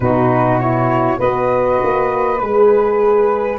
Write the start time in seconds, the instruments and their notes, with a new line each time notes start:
0.00 tuba B2, horn D#4, saxophone F#4, flute B4
0.59 horn E4, flute C#5
1.17 tuba B3, horn F#4, saxophone B4, flute D#5
1.83 tuba A#3
2.39 tuba G#3, horn G#4, flute B4